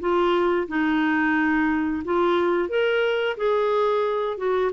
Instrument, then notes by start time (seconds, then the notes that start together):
clarinet
0.00 F4
0.68 D#4
2.04 F4
2.69 A#4
3.37 G#4
4.37 F#4